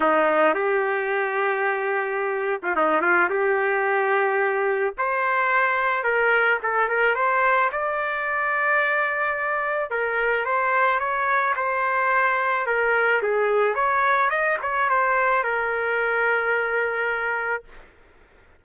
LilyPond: \new Staff \with { instrumentName = "trumpet" } { \time 4/4 \tempo 4 = 109 dis'4 g'2.~ | g'8. f'16 dis'8 f'8 g'2~ | g'4 c''2 ais'4 | a'8 ais'8 c''4 d''2~ |
d''2 ais'4 c''4 | cis''4 c''2 ais'4 | gis'4 cis''4 dis''8 cis''8 c''4 | ais'1 | }